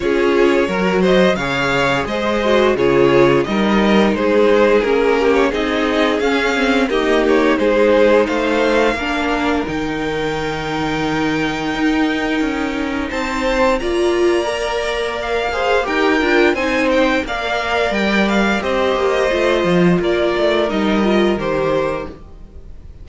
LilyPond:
<<
  \new Staff \with { instrumentName = "violin" } { \time 4/4 \tempo 4 = 87 cis''4. dis''8 f''4 dis''4 | cis''4 dis''4 c''4 ais'8. cis''16 | dis''4 f''4 dis''8 cis''8 c''4 | f''2 g''2~ |
g''2. a''4 | ais''2 f''4 g''4 | gis''8 g''8 f''4 g''8 f''8 dis''4~ | dis''4 d''4 dis''4 c''4 | }
  \new Staff \with { instrumentName = "violin" } { \time 4/4 gis'4 ais'8 c''8 cis''4 c''4 | gis'4 ais'4 gis'4. g'8 | gis'2 g'4 gis'4 | c''4 ais'2.~ |
ais'2. c''4 | d''2~ d''8 c''8 ais'4 | c''4 d''2 c''4~ | c''4 ais'2. | }
  \new Staff \with { instrumentName = "viola" } { \time 4/4 f'4 fis'4 gis'4. fis'8 | f'4 dis'2 cis'4 | dis'4 cis'8 c'8 ais4 dis'4~ | dis'4 d'4 dis'2~ |
dis'1 | f'4 ais'4. gis'8 g'8 f'8 | dis'4 ais'2 g'4 | f'2 dis'8 f'8 g'4 | }
  \new Staff \with { instrumentName = "cello" } { \time 4/4 cis'4 fis4 cis4 gis4 | cis4 g4 gis4 ais4 | c'4 cis'4 dis'4 gis4 | a4 ais4 dis2~ |
dis4 dis'4 cis'4 c'4 | ais2. dis'8 d'8 | c'4 ais4 g4 c'8 ais8 | a8 f8 ais8 a8 g4 dis4 | }
>>